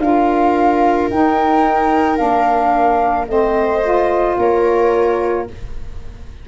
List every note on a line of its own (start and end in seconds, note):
0.00 1.09 D4
0.00 1.10 F4
0.00 3.31 A#4
0.00 1.09 F5
1.10 2.20 D#4
1.10 2.17 D#4
1.10 2.17 G5
2.17 3.28 A#3
2.17 3.26 D4
2.17 3.27 F5
3.28 4.37 A3
3.28 3.82 C4
3.28 4.40 C5
3.28 4.37 D#5
3.84 5.47 F4
4.38 5.47 A#3
4.38 5.49 A#4
4.38 5.48 C#5